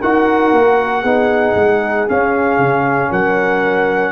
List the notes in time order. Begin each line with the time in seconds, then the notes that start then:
0.00 D#4 F#4 A#4 F#5
0.52 A#3
1.02 B3 D#4 G#4
1.55 G#3
2.08 C#4 F5
2.58 C#3
3.10 F#3 A#4 F#5